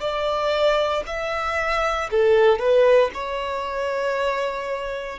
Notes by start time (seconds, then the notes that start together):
0.00 D5
1.06 E5
2.11 A4
2.59 B4
3.14 C#5